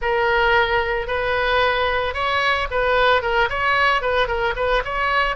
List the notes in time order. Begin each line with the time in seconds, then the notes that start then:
0.01 A#4
1.07 B4
2.14 C#5
2.70 B4
3.22 A#4
3.49 C#5
4.01 B4
4.27 A#4
4.56 B4
4.84 C#5